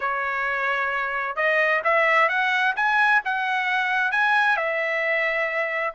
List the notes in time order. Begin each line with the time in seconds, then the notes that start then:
0.00 C#5
1.36 D#5
1.84 E5
2.28 F#5
2.76 G#5
3.24 F#5
4.11 G#5
4.56 E5